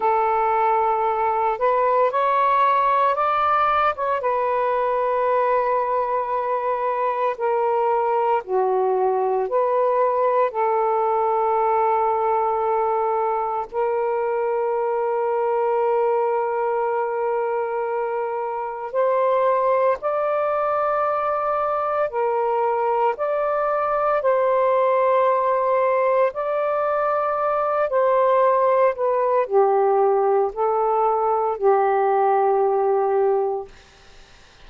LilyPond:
\new Staff \with { instrumentName = "saxophone" } { \time 4/4 \tempo 4 = 57 a'4. b'8 cis''4 d''8. cis''16 | b'2. ais'4 | fis'4 b'4 a'2~ | a'4 ais'2.~ |
ais'2 c''4 d''4~ | d''4 ais'4 d''4 c''4~ | c''4 d''4. c''4 b'8 | g'4 a'4 g'2 | }